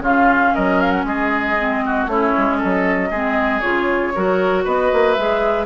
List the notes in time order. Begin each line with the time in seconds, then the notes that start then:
0.00 C#3 C#4 F4 F5
0.54 F#3 A#4 D#5
0.80 F5
0.90 F#5
1.04 G#3 G#4 D#5
1.58 C4
1.85 F#4
2.07 A3 C#4 E4 C#5
2.37 G#3
2.57 A4 D#5
2.64 F#3
3.10 G#3 C4 G#4
3.60 C#3 F4 C#5
4.15 F#3 F#4 A#4
4.64 B3 B4 D#5
4.93 A#3
5.13 G#3 G#4 E5